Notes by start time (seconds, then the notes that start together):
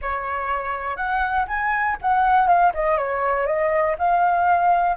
0.01 C#5
0.96 F#5
1.47 G#5
2.01 F#5
2.47 F5
2.74 D#5
2.97 C#5
3.46 D#5
3.98 F5